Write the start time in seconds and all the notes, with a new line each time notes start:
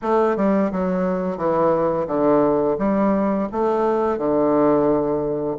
0.02 A3
0.36 G3
0.71 F#3
1.37 E3
2.07 D3
2.78 G3
3.52 A3
4.17 D3